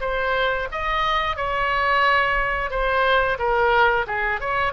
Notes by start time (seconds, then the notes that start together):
0.00 C5
0.71 D#5
1.36 C#5
2.70 C5
3.38 A#4
4.07 G#4
4.40 C#5